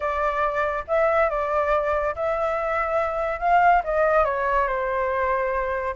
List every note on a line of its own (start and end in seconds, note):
0.00 0.84 D5
0.87 1.29 E5
1.29 2.15 D5
2.15 3.39 E5
3.39 3.82 F5
3.84 4.25 D#5
4.25 4.67 C#5
4.67 5.95 C5